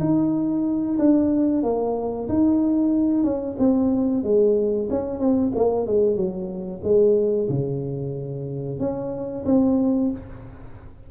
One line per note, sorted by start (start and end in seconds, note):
0.00 0.98 D#4
0.99 1.63 D4
1.63 2.28 A#3
2.29 3.24 D#4
3.24 3.57 C#4
3.59 4.24 C4
4.24 4.89 G#3
4.91 5.20 C#4
5.20 5.52 C4
5.56 5.87 A#3
5.87 6.16 G#3
6.16 6.82 F#3
6.84 7.49 G#3
7.49 8.80 C#3
8.80 9.45 C#4
9.46 10.11 C4